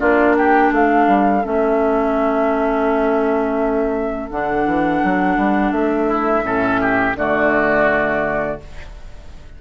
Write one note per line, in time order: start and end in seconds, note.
0.00 0.72 A#3
0.00 1.43 D4
0.00 0.36 F4
0.00 0.36 D5
0.37 0.74 G4
0.37 0.73 G5
0.72 1.08 A3
0.72 6.07 A4
0.72 1.46 F5
1.08 1.44 G3
1.44 4.31 A3
1.44 4.30 C#4
1.44 4.31 E5
4.31 4.67 D3
4.31 6.44 D4
4.31 5.72 F#5
4.67 5.02 E3
5.04 5.37 F#3
5.37 5.72 G3
5.72 6.43 A3
5.72 7.15 E5
6.07 6.43 E4
6.44 7.16 A2
6.44 7.16 C#4
6.44 6.81 A4
6.81 7.17 G4
7.16 8.58 D3
7.16 8.60 A3
7.16 8.62 F#4
7.16 8.61 D5